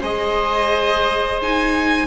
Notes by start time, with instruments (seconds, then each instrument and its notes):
0.00 double bass G#3, viola G#4, oboe C5, violin D#5
1.42 viola D#4, violin G#5